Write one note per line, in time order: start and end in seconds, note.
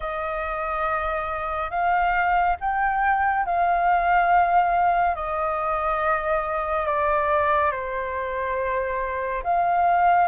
0.00 1.70 D#5
1.70 2.56 F5
2.60 3.45 G5
3.45 5.15 F5
5.15 6.86 D#5
6.86 7.71 D5
7.71 9.42 C5
9.43 10.27 F5